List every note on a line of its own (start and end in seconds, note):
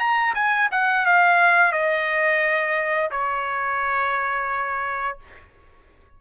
0.00 0.34 A#5
0.35 0.70 G#5
0.72 1.06 F#5
1.06 1.73 F5
1.73 3.11 D#5
3.12 5.18 C#5